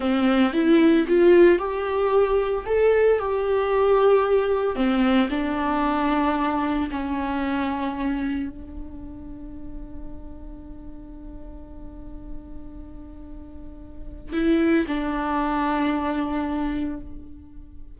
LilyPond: \new Staff \with { instrumentName = "viola" } { \time 4/4 \tempo 4 = 113 c'4 e'4 f'4 g'4~ | g'4 a'4 g'2~ | g'4 c'4 d'2~ | d'4 cis'2. |
d'1~ | d'1~ | d'2. e'4 | d'1 | }